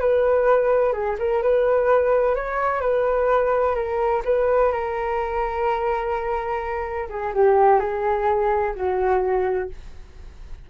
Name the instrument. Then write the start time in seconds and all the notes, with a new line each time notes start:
flute
0.00 B4
0.93 G#4
1.19 A#4
1.43 B4
2.35 C#5
2.81 B4
3.75 A#4
4.25 B4
4.72 A#4
7.09 G#4
7.34 G4
7.80 G#4
8.75 F#4